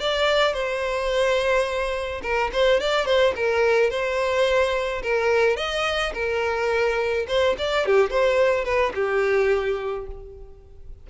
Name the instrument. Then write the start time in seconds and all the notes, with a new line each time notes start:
violin
0.00 D5
0.53 C5
2.23 A#4
2.52 C5
2.80 D5
3.06 C5
3.36 A#4
3.90 C5
5.03 A#4
5.56 D#5
6.14 A#4
7.28 C5
7.58 D5
7.86 G4
8.10 C5
8.65 B4
8.95 G4